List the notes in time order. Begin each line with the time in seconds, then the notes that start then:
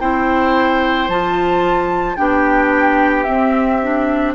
0.00 C4 E4 C5 G5
1.08 F3 F4 A5
2.17 B3 D4 G4 G5
3.24 C4 E5
3.82 D4